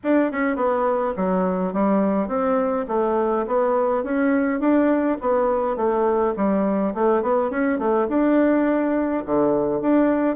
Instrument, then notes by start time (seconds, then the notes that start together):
bassoon
0.03 D4
0.31 C#4
0.56 B3
1.16 F#3
1.73 G3
2.27 C4
2.88 A3
3.46 B3
4.03 C#4
4.60 D4
5.20 B3
5.76 A3
6.36 G3
6.94 A3
7.22 B3
7.50 C#4
7.79 A3
8.08 D4
9.25 D3
9.81 D4